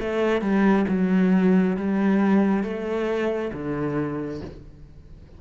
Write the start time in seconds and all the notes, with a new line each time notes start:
0.00 A3
0.42 G3
0.88 F#3
1.76 G3
2.64 A3
3.53 D3